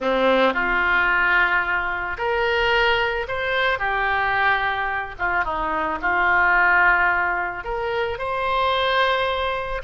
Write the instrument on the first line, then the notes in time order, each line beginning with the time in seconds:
oboe
0.00 C4
0.53 F4
2.17 A#4
3.28 C5
3.79 G4
5.18 F4
5.44 D#4
6.01 F4
7.64 A#4
8.18 C5